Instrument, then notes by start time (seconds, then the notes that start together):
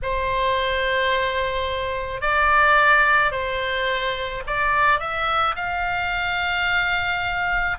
oboe
0.02 C5
2.21 D5
3.31 C5
4.46 D5
4.99 E5
5.55 F5